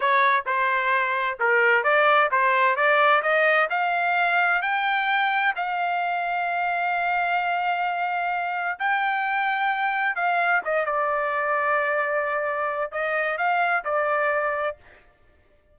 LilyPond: \new Staff \with { instrumentName = "trumpet" } { \time 4/4 \tempo 4 = 130 cis''4 c''2 ais'4 | d''4 c''4 d''4 dis''4 | f''2 g''2 | f''1~ |
f''2. g''4~ | g''2 f''4 dis''8 d''8~ | d''1 | dis''4 f''4 d''2 | }